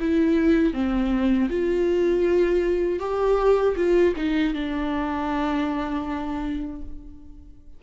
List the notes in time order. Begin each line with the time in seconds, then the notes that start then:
0.00 E4
0.73 C4
1.49 F4
3.00 G4
3.76 F4
4.16 D#4
4.54 D4